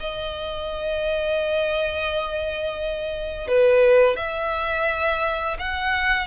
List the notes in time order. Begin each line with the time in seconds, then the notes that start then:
0.00 D#5
3.48 B4
4.16 E5
5.59 F#5